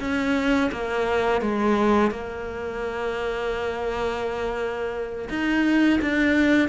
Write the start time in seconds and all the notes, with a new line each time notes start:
0.00 C#4
0.72 A#3
1.41 G#3
2.11 A#3
5.29 D#4
6.01 D4